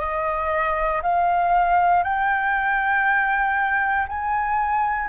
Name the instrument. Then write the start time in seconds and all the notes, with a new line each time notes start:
flute
0.00 D#5
1.03 F5
2.03 G5
4.08 G#5